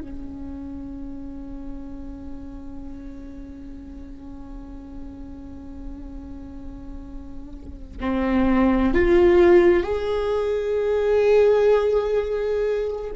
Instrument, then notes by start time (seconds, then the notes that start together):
viola
0.00 C#4
8.00 C4
8.94 F4
9.83 G#4